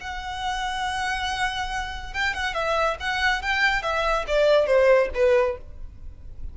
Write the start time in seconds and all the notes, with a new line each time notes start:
0.00 F#5
2.13 G5
2.33 F#5
2.54 E5
3.00 F#5
3.41 G5
3.82 E5
4.27 D5
4.66 C5
5.14 B4